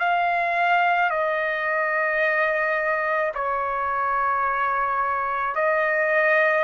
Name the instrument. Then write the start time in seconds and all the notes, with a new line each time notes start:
trumpet
0.00 F5
1.10 D#5
3.35 C#5
5.56 D#5